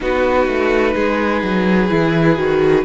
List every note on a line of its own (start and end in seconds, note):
0.00 0.47 B3
0.00 1.88 D#4
0.00 0.94 F#4
0.00 2.84 B4
0.47 0.94 A3
0.94 1.42 G#3
0.94 2.84 G#4
1.42 1.90 F#3
1.88 2.37 E3
1.88 2.36 E4
2.36 2.84 D#3
2.36 2.84 F#4